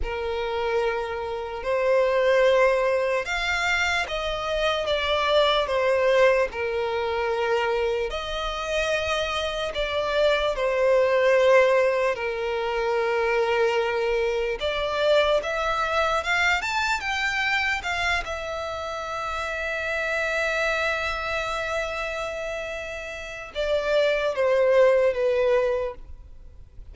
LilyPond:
\new Staff \with { instrumentName = "violin" } { \time 4/4 \tempo 4 = 74 ais'2 c''2 | f''4 dis''4 d''4 c''4 | ais'2 dis''2 | d''4 c''2 ais'4~ |
ais'2 d''4 e''4 | f''8 a''8 g''4 f''8 e''4.~ | e''1~ | e''4 d''4 c''4 b'4 | }